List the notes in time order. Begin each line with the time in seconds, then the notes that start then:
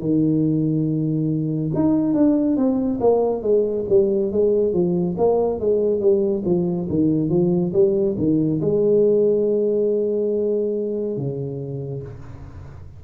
0.00 D#3
1.75 D#4
2.14 D4
2.57 C4
3.00 A#3
3.42 G#3
3.89 G3
4.32 G#3
4.73 F3
5.18 A#3
5.60 G#3
6.01 G3
6.46 F3
6.89 D#3
7.30 F3
7.73 G3
8.18 D#3
8.61 G#3
11.17 C#3